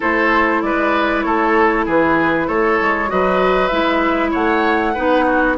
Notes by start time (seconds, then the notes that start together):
0.00 A3 E4 A4 C5
0.61 G#3 B4 D5
1.22 A3 A4 C#5
1.85 E3 G#4 B4
2.47 A3 A4 C#5
2.81 G#3
3.07 F#3 F#4 B4 D#5
3.67 G#3 E4 E5
4.31 A3 C#5 F#5
4.94 B3 D#4 B4
5.25 F#4